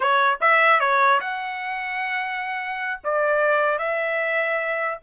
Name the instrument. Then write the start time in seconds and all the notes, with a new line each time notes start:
trumpet
0.00 C#5
0.40 E5
0.79 C#5
1.20 F#5
3.04 D5
3.78 E5